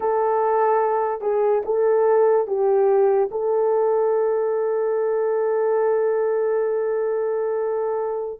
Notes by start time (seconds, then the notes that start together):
0.00 A4
1.21 G#4
1.65 A4
2.47 G4
3.31 A4